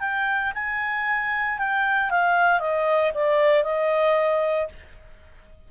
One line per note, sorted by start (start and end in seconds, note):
0.00 0.52 G5
0.54 1.58 G#5
1.58 2.10 G5
2.10 2.59 F5
2.59 3.12 D#5
3.14 3.63 D5
3.63 4.68 D#5